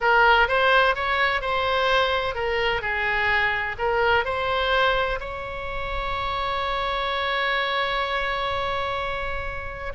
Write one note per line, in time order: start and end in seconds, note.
0.00 0.48 A#4
0.48 0.95 C5
0.95 1.41 C#5
1.41 2.35 C5
2.35 2.81 A#4
2.81 3.76 G#4
3.78 4.24 A#4
4.24 5.19 C5
5.20 9.92 C#5